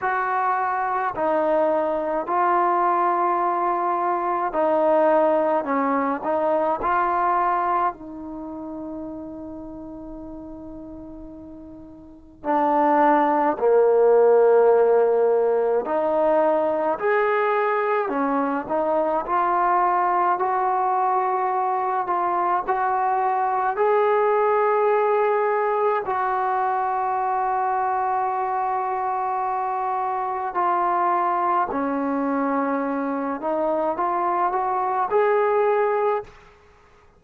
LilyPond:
\new Staff \with { instrumentName = "trombone" } { \time 4/4 \tempo 4 = 53 fis'4 dis'4 f'2 | dis'4 cis'8 dis'8 f'4 dis'4~ | dis'2. d'4 | ais2 dis'4 gis'4 |
cis'8 dis'8 f'4 fis'4. f'8 | fis'4 gis'2 fis'4~ | fis'2. f'4 | cis'4. dis'8 f'8 fis'8 gis'4 | }